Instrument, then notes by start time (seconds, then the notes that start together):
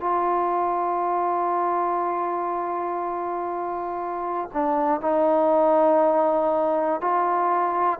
trombone
0.00 F4
4.53 D4
5.00 D#4
7.01 F4